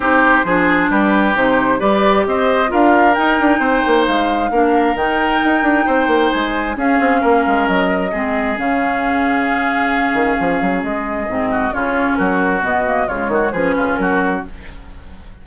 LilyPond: <<
  \new Staff \with { instrumentName = "flute" } { \time 4/4 \tempo 4 = 133 c''2 b'4 c''4 | d''4 dis''4 f''4 g''4~ | g''4 f''2 g''4~ | g''2 gis''4 f''4~ |
f''4 dis''2 f''4~ | f''1 | dis''2 cis''4 ais'4 | dis''4 cis''4 b'4 ais'4 | }
  \new Staff \with { instrumentName = "oboe" } { \time 4/4 g'4 gis'4 g'2 | b'4 c''4 ais'2 | c''2 ais'2~ | ais'4 c''2 gis'4 |
ais'2 gis'2~ | gis'1~ | gis'4. fis'8 f'4 fis'4~ | fis'4 f'8 fis'8 gis'8 f'8 fis'4 | }
  \new Staff \with { instrumentName = "clarinet" } { \time 4/4 dis'4 d'2 dis'4 | g'2 f'4 dis'4~ | dis'2 d'4 dis'4~ | dis'2. cis'4~ |
cis'2 c'4 cis'4~ | cis'1~ | cis'4 c'4 cis'2 | b8 ais8 gis4 cis'2 | }
  \new Staff \with { instrumentName = "bassoon" } { \time 4/4 c'4 f4 g4 c4 | g4 c'4 d'4 dis'8 d'8 | c'8 ais8 gis4 ais4 dis4 | dis'8 d'8 c'8 ais8 gis4 cis'8 c'8 |
ais8 gis8 fis4 gis4 cis4~ | cis2~ cis8 dis8 f8 fis8 | gis4 gis,4 cis4 fis4 | b,4 cis8 dis8 f8 cis8 fis4 | }
>>